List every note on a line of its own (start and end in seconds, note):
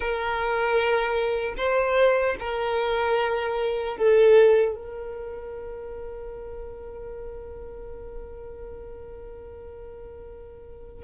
0.00 1.54 A#4
1.57 2.36 C5
2.39 3.97 A#4
3.97 4.75 A4
4.75 11.04 A#4